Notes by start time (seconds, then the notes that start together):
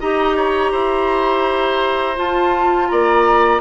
0.00 D#4 G4 D#5 A#5
0.36 C#5
0.71 E4 C5
2.16 F4 A5
2.88 A#3 D5 A#5